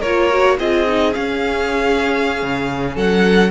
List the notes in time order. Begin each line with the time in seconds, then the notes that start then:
0.00 A#3 F4 A#4 C#5
0.31 F#4
0.58 C4 F4 G#4 D#5
0.87 D#4
1.13 C#4 F5
2.43 C#3
2.95 F#3 A4 F#5